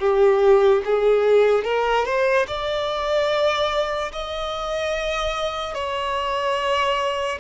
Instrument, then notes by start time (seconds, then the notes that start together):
violin
0.00 G4
0.85 G#4
1.64 A#4
2.05 C5
2.48 D5
4.12 D#5
5.74 C#5